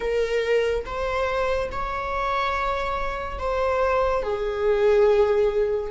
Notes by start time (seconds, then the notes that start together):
0.00 A#4
0.85 C5
1.71 C#5
3.38 C5
4.23 G#4